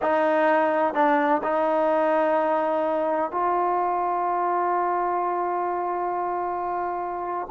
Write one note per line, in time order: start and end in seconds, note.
0.02 0.94 D#4
0.94 1.41 D4
1.43 3.31 D#4
3.31 7.47 F4